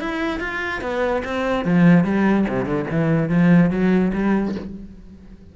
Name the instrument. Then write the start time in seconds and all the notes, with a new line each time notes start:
cello
0.00 E4
0.40 F4
0.81 B3
1.24 C4
1.65 F3
2.04 G3
2.48 C3
2.65 D3
2.90 E3
3.29 F3
3.70 F#3
4.13 G3